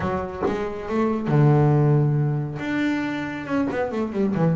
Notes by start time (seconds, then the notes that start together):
0.00 F#3
0.46 G#3
0.88 A3
1.27 D3
2.59 D4
3.46 C#4
3.71 B3
3.91 A3
4.12 G3
4.35 E3